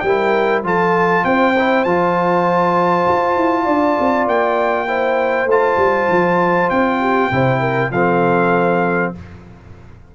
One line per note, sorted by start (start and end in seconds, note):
0.00 0.63 G3
0.00 0.64 E4
0.00 0.65 A#4
0.00 0.61 G5
0.63 1.24 F3
0.63 1.55 F4
0.63 1.25 A4
0.63 1.25 A5
1.25 1.85 C4
1.25 3.65 C5
1.25 1.84 G5
1.59 1.86 E4
1.84 3.06 F3
1.84 4.88 F4
1.84 4.26 A5
3.09 3.37 F4
3.37 3.67 E4
3.65 3.97 D4
3.65 4.86 D5
4.00 4.27 C4
4.27 5.46 A#3
4.27 5.49 G5
4.88 5.48 E4
4.88 7.00 C5
5.46 5.76 A3
5.46 7.32 F4
5.46 6.70 A5
5.77 6.07 G3
6.09 6.70 F3
6.70 7.31 C4
6.70 7.91 G5
7.00 7.30 G4
7.32 7.91 C3
7.32 7.93 E4
7.32 7.61 C5
7.61 7.91 A#4
7.91 9.12 F3
7.91 9.15 C4
7.91 9.14 A4
7.91 9.13 F5